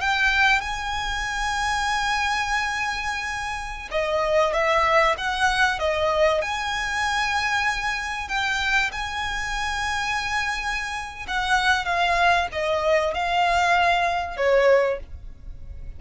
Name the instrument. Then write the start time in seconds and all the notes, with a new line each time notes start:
violin
0.00 G5
0.61 G#5
3.91 D#5
4.53 E5
5.17 F#5
5.79 D#5
6.41 G#5
8.28 G5
8.91 G#5
11.27 F#5
11.85 F5
12.52 D#5
13.13 F5
14.37 C#5